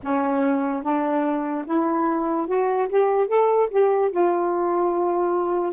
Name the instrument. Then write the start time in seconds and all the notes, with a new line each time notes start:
saxophone
0.02 C#4
0.82 D4
1.66 E4
2.47 F#4
2.88 G4
3.27 A4
3.70 G4
4.11 F4